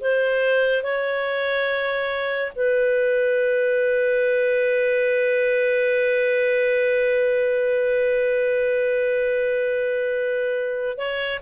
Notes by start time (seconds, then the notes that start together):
0.00 C5
0.83 C#5
2.55 B4
10.97 C#5